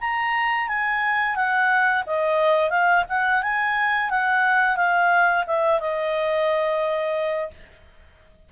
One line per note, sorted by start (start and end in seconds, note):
0.00 0.68 A#5
0.68 1.35 G#5
1.35 2.03 F#5
2.06 2.70 D#5
2.70 3.04 F5
3.09 3.42 F#5
3.42 4.10 G#5
4.10 4.76 F#5
4.76 5.44 F5
5.46 5.80 E5
5.80 7.50 D#5